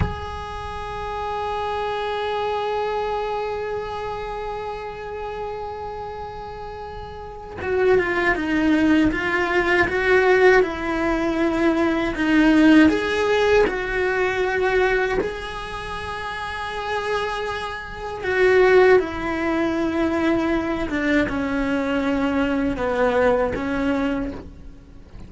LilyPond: \new Staff \with { instrumentName = "cello" } { \time 4/4 \tempo 4 = 79 gis'1~ | gis'1~ | gis'2 fis'8 f'8 dis'4 | f'4 fis'4 e'2 |
dis'4 gis'4 fis'2 | gis'1 | fis'4 e'2~ e'8 d'8 | cis'2 b4 cis'4 | }